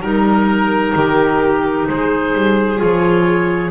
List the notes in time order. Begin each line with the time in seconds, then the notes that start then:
0.00 G3 D#4 A#4
0.95 D#3 G4
1.88 G#3 G#4 C5
2.33 G3
2.76 F3 F4 C#5